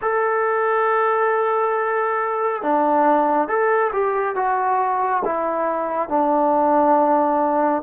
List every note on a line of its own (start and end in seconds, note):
0.01 2.62 A4
2.62 3.47 D4
3.47 3.91 A4
3.92 4.35 G4
4.35 5.22 F#4
5.24 6.09 E4
6.09 7.82 D4